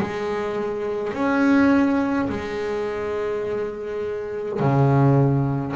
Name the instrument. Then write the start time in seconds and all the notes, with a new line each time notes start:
double bass
0.00 G#3
1.13 C#4
2.29 G#3
4.59 C#3